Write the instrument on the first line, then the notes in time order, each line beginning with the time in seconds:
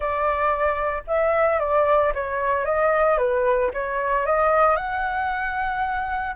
flute
0.00 D5
1.07 E5
1.59 D5
2.14 C#5
2.65 D#5
3.17 B4
3.73 C#5
4.26 D#5
4.76 F#5